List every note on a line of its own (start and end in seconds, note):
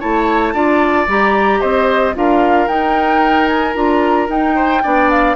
0.00 0.54 A3
0.00 0.54 E4
0.00 0.54 C#5
0.00 1.07 A5
0.54 1.07 D4
0.54 1.07 F4
0.54 1.60 D5
1.08 1.61 G3
1.08 2.15 G4
1.08 1.61 A#5
1.60 2.16 C4
1.60 2.14 C5
1.60 2.14 D#5
2.15 2.68 D4
2.15 2.68 F4
2.15 4.55 A#4
2.15 2.68 F5
2.68 3.75 D#4
2.68 3.48 G5
3.48 3.74 G#5
3.75 4.29 D4
3.75 4.28 F4
3.75 4.29 A#5
4.28 4.82 D#4
4.28 5.10 G5
4.55 4.82 C5
4.83 5.36 B3
4.83 5.36 D4
4.83 5.36 D5
5.10 5.36 F5